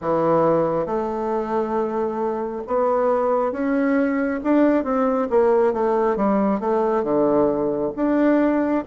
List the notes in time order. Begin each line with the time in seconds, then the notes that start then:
0.01 E3
0.85 A3
2.67 B3
3.51 C#4
4.43 D4
4.84 C4
5.29 A#3
5.73 A3
6.16 G3
6.60 A3
7.03 D3
7.96 D4